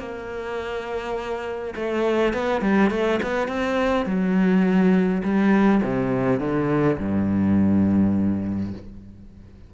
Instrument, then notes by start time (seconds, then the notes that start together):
cello
0.00 A#3
1.76 A3
2.34 B3
2.62 G3
2.91 A3
3.23 B3
3.48 C4
4.06 F#3
5.23 G3
5.84 C3
6.40 D3
6.99 G2